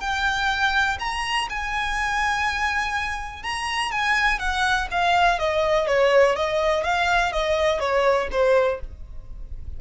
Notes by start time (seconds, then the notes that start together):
0.00 G5
0.99 A#5
1.49 G#5
3.43 A#5
3.91 G#5
4.39 F#5
4.90 F5
5.39 D#5
5.87 C#5
6.35 D#5
6.83 F5
7.32 D#5
7.79 C#5
8.31 C5